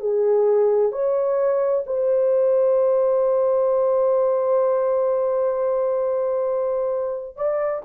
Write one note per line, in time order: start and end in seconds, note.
0.00 0.92 G#4
0.92 1.84 C#5
1.86 7.36 C5
7.36 7.83 D5